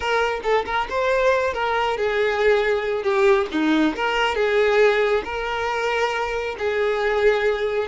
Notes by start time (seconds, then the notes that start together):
0.00 A#4
0.43 A4
0.65 A#4
0.89 C5
1.53 A#4
1.97 G#4
3.03 G4
3.51 D#4
3.95 A#4
4.35 G#4
5.24 A#4
6.58 G#4